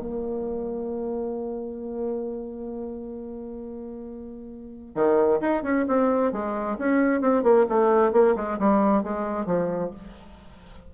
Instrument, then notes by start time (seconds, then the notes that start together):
bassoon
0.00 A#3
4.96 D#3
5.41 D#4
5.64 C#4
5.88 C4
6.33 G#3
6.79 C#4
7.21 C4
7.44 A#3
7.70 A3
8.13 A#3
8.36 G#3
8.60 G3
9.04 G#3
9.46 F3